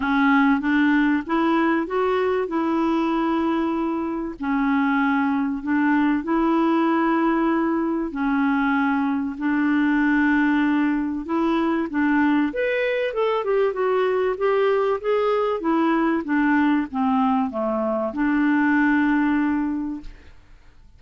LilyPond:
\new Staff \with { instrumentName = "clarinet" } { \time 4/4 \tempo 4 = 96 cis'4 d'4 e'4 fis'4 | e'2. cis'4~ | cis'4 d'4 e'2~ | e'4 cis'2 d'4~ |
d'2 e'4 d'4 | b'4 a'8 g'8 fis'4 g'4 | gis'4 e'4 d'4 c'4 | a4 d'2. | }